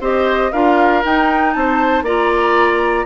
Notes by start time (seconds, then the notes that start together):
0.00 C4 G4 C5 D#5
0.52 D4 F4 A#4 F5
1.03 D#4 G5
1.52 C4 A5
1.59 C5
2.02 A#3 F4 D5 A#5